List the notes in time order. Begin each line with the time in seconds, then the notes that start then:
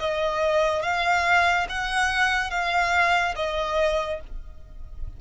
0.00 D#5
0.83 F5
1.70 F#5
2.51 F5
3.36 D#5